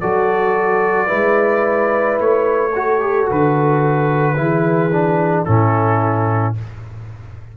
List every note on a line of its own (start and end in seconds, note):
0.00 1.11 F#3
0.00 1.07 F#4
0.00 1.07 A4
0.00 2.19 D5
1.07 2.20 G#3
1.07 2.71 E4
1.07 2.71 B4
2.20 3.29 A3
2.20 3.30 C#5
2.74 3.00 F#4
2.74 4.37 A4
3.00 3.26 G4
3.26 4.37 D3
3.26 4.35 F#4
3.26 5.45 B4
4.37 5.46 E3
4.37 4.91 E4
4.37 5.47 G#4
4.92 5.46 D4
5.45 6.57 A2
5.45 6.55 C#4
5.45 6.56 E4
5.45 6.54 A4